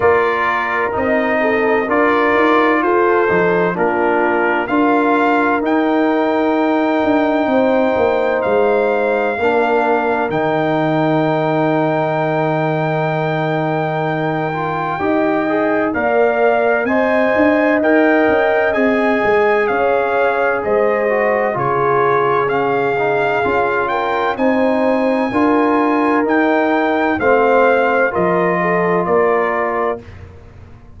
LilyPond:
<<
  \new Staff \with { instrumentName = "trumpet" } { \time 4/4 \tempo 4 = 64 d''4 dis''4 d''4 c''4 | ais'4 f''4 g''2~ | g''4 f''2 g''4~ | g''1~ |
g''4 f''4 gis''4 g''4 | gis''4 f''4 dis''4 cis''4 | f''4. g''8 gis''2 | g''4 f''4 dis''4 d''4 | }
  \new Staff \with { instrumentName = "horn" } { \time 4/4 ais'4. a'8 ais'4 a'4 | f'4 ais'2. | c''2 ais'2~ | ais'1 |
dis''4 d''4 dis''2~ | dis''4 cis''4 c''4 gis'4~ | gis'4. ais'8 c''4 ais'4~ | ais'4 c''4 ais'8 a'8 ais'4 | }
  \new Staff \with { instrumentName = "trombone" } { \time 4/4 f'4 dis'4 f'4. dis'8 | d'4 f'4 dis'2~ | dis'2 d'4 dis'4~ | dis'2.~ dis'8 f'8 |
g'8 gis'8 ais'4 c''4 ais'4 | gis'2~ gis'8 fis'8 f'4 | cis'8 dis'8 f'4 dis'4 f'4 | dis'4 c'4 f'2 | }
  \new Staff \with { instrumentName = "tuba" } { \time 4/4 ais4 c'4 d'8 dis'8 f'8 f8 | ais4 d'4 dis'4. d'8 | c'8 ais8 gis4 ais4 dis4~ | dis1 |
dis'4 ais4 c'8 d'8 dis'8 cis'8 | c'8 gis8 cis'4 gis4 cis4~ | cis4 cis'4 c'4 d'4 | dis'4 a4 f4 ais4 | }
>>